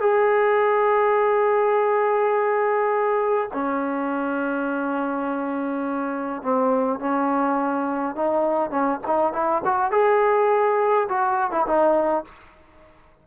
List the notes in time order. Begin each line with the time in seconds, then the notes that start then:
0.00 G#4
3.53 C#4
6.42 C4
6.99 C#4
8.16 D#4
8.70 C#4
9.07 D#4
9.33 E4
9.65 F#4
9.91 G#4
11.09 F#4
11.51 E4
11.66 D#4